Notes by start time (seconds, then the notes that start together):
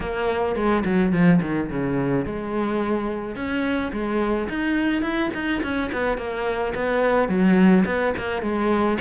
0.00 A#3
0.55 G#3
0.84 F#3
1.12 F3
1.41 D#3
1.69 C#3
2.25 G#3
3.35 C#4
3.92 G#3
4.49 D#4
5.02 E4
5.33 D#4
5.62 C#4
5.92 B3
6.17 A#3
6.74 B3
7.28 F#3
7.85 B3
8.17 A#3
8.42 G#3